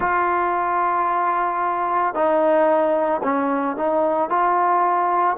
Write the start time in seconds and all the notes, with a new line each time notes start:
0.00 F4
2.14 D#4
3.23 C#4
3.76 D#4
4.29 F4